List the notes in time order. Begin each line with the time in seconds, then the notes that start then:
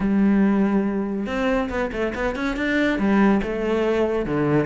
0.00 G3
1.26 C4
1.69 B3
1.92 A3
2.15 B3
2.35 C#4
2.56 D4
2.98 G3
3.42 A3
4.25 D3